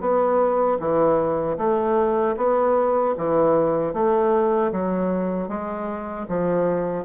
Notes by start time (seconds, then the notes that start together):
0.00 B3
0.79 E3
1.57 A3
2.37 B3
3.17 E3
3.94 A3
4.72 F#3
5.48 G#3
6.28 F3